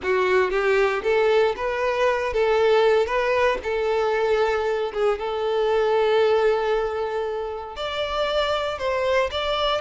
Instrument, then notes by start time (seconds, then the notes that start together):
violin
0.02 F#4
0.50 G4
1.03 A4
1.56 B4
2.33 A4
3.06 B4
3.63 A4
4.93 G#4
5.18 A4
7.76 D5
8.78 C5
9.31 D5